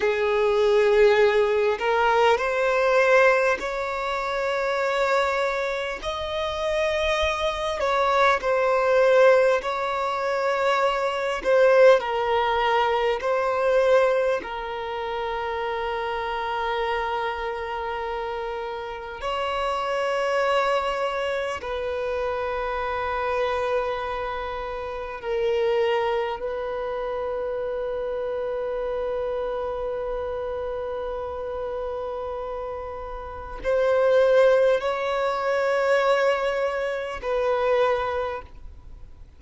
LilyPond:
\new Staff \with { instrumentName = "violin" } { \time 4/4 \tempo 4 = 50 gis'4. ais'8 c''4 cis''4~ | cis''4 dis''4. cis''8 c''4 | cis''4. c''8 ais'4 c''4 | ais'1 |
cis''2 b'2~ | b'4 ais'4 b'2~ | b'1 | c''4 cis''2 b'4 | }